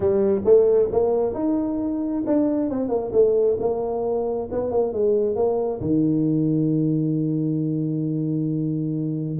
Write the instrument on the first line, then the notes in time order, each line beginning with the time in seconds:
tuba
0.00 G3
0.44 A3
0.91 A#3
1.34 D#4
2.26 D4
2.69 C4
2.89 A#3
3.12 A3
3.59 A#3
4.51 B3
4.70 A#3
4.93 G#3
5.35 A#3
5.80 D#3